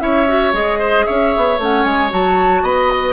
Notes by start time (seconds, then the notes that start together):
0.00 C#4 E4 C#5 E5
0.27 F#4
0.53 G#3 G#4 D#5
0.79 C5
1.06 C#4 C#5 E5
1.37 B3
1.58 A3 C#4 F#5
1.84 G#3 G#5
2.10 F#3 F#4 A5
2.63 B3 D#5 B5
2.90 B4